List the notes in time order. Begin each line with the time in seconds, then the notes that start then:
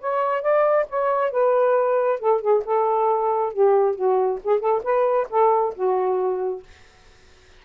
0.00 C#5
0.42 D5
0.89 C#5
1.31 B4
2.19 A4
2.41 G#4
2.65 A4
3.53 G4
3.95 F#4
4.44 G#4
4.60 A4
4.83 B4
5.30 A4
5.75 F#4